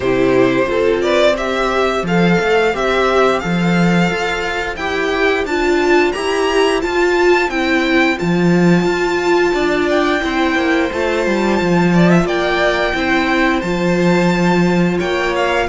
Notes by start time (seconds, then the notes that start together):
0.00 C3 E4 G4 C5
0.65 F4 A4
0.71 C4
1.01 B4 D5
1.36 G4 C5 E5
2.03 F3 A4 F5
2.40 A3
2.73 C4 G4 E5
3.39 F3 A4 F5
4.10 F4
4.76 E4 G4 G5
5.44 D4 F4 A5
6.12 E4 G4 A#5
6.81 F4 A5
7.48 C4 E4 G5
8.16 F3 F4 A5
8.84 F4
9.53 D4 D5
9.89 G5
10.21 C4 E4 C5
10.55 A#3
10.92 A3 F4 A5
11.26 G3
11.61 F3
11.93 D5
12.09 E5
12.24 A#3 D5 G5
12.94 C4 E4 C5
13.61 F3 F4 A5
14.98 A#3 C#5 G5
15.35 F5